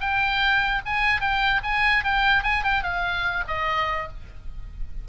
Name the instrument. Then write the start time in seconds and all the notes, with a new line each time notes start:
oboe
0.00 G5
0.85 G#5
1.21 G5
1.63 G#5
2.04 G5
2.43 G#5
2.63 G5
2.83 F5
3.48 D#5